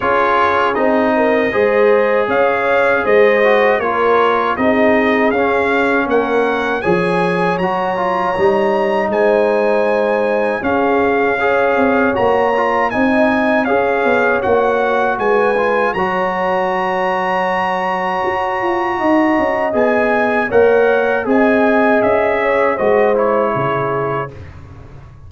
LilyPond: <<
  \new Staff \with { instrumentName = "trumpet" } { \time 4/4 \tempo 4 = 79 cis''4 dis''2 f''4 | dis''4 cis''4 dis''4 f''4 | fis''4 gis''4 ais''2 | gis''2 f''2 |
ais''4 gis''4 f''4 fis''4 | gis''4 ais''2.~ | ais''2 gis''4 fis''4 | gis''4 e''4 dis''8 cis''4. | }
  \new Staff \with { instrumentName = "horn" } { \time 4/4 gis'4. ais'8 c''4 cis''4 | c''4 ais'4 gis'2 | ais'4 cis''2. | c''2 gis'4 cis''4~ |
cis''4 dis''4 cis''2 | b'4 cis''2.~ | cis''4 dis''2 cis''4 | dis''4. cis''8 c''4 gis'4 | }
  \new Staff \with { instrumentName = "trombone" } { \time 4/4 f'4 dis'4 gis'2~ | gis'8 fis'8 f'4 dis'4 cis'4~ | cis'4 gis'4 fis'8 f'8 dis'4~ | dis'2 cis'4 gis'4 |
fis'8 f'8 dis'4 gis'4 fis'4~ | fis'8 f'8 fis'2.~ | fis'2 gis'4 ais'4 | gis'2 fis'8 e'4. | }
  \new Staff \with { instrumentName = "tuba" } { \time 4/4 cis'4 c'4 gis4 cis'4 | gis4 ais4 c'4 cis'4 | ais4 f4 fis4 g4 | gis2 cis'4. c'8 |
ais4 c'4 cis'8 b8 ais4 | gis4 fis2. | fis'8 f'8 dis'8 cis'8 b4 ais4 | c'4 cis'4 gis4 cis4 | }
>>